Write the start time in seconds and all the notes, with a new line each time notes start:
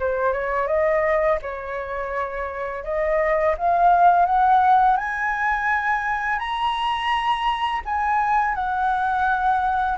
0.00 C5
0.33 C#5
0.68 D#5
1.42 C#5
2.84 D#5
3.58 F5
4.26 F#5
4.97 G#5
6.39 A#5
7.85 G#5
8.55 F#5